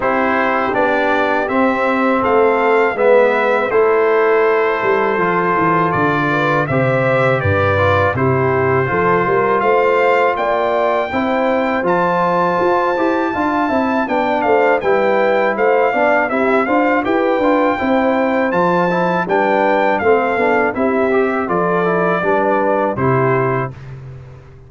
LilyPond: <<
  \new Staff \with { instrumentName = "trumpet" } { \time 4/4 \tempo 4 = 81 c''4 d''4 e''4 f''4 | e''4 c''2. | d''4 e''4 d''4 c''4~ | c''4 f''4 g''2 |
a''2. g''8 f''8 | g''4 f''4 e''8 f''8 g''4~ | g''4 a''4 g''4 f''4 | e''4 d''2 c''4 | }
  \new Staff \with { instrumentName = "horn" } { \time 4/4 g'2. a'4 | b'4 a'2.~ | a'8 b'8 c''4 b'4 g'4 | a'8 ais'8 c''4 d''4 c''4~ |
c''2 f''8 e''8 d''8 c''8 | b'4 c''8 d''8 g'8 c''8 b'4 | c''2 b'4 a'4 | g'4 a'4 b'4 g'4 | }
  \new Staff \with { instrumentName = "trombone" } { \time 4/4 e'4 d'4 c'2 | b4 e'2 f'4~ | f'4 g'4. f'8 e'4 | f'2. e'4 |
f'4. g'8 f'8 e'8 d'4 | e'4. d'8 e'8 f'8 g'8 f'8 | e'4 f'8 e'8 d'4 c'8 d'8 | e'8 g'8 f'8 e'8 d'4 e'4 | }
  \new Staff \with { instrumentName = "tuba" } { \time 4/4 c'4 b4 c'4 a4 | gis4 a4. g8 f8 e8 | d4 c4 g,4 c4 | f8 g8 a4 ais4 c'4 |
f4 f'8 e'8 d'8 c'8 b8 a8 | g4 a8 b8 c'8 d'8 e'8 d'8 | c'4 f4 g4 a8 b8 | c'4 f4 g4 c4 | }
>>